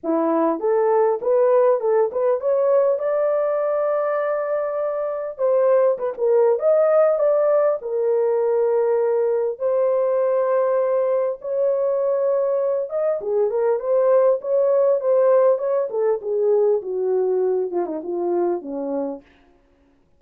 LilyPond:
\new Staff \with { instrumentName = "horn" } { \time 4/4 \tempo 4 = 100 e'4 a'4 b'4 a'8 b'8 | cis''4 d''2.~ | d''4 c''4 b'16 ais'8. dis''4 | d''4 ais'2. |
c''2. cis''4~ | cis''4. dis''8 gis'8 ais'8 c''4 | cis''4 c''4 cis''8 a'8 gis'4 | fis'4. f'16 dis'16 f'4 cis'4 | }